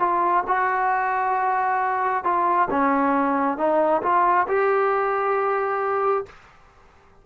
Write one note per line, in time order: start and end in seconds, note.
0.00 0.44 F4
0.48 2.24 F#4
2.24 2.68 F4
2.71 3.58 C#4
3.58 4.02 D#4
4.03 4.47 F4
4.48 6.26 G4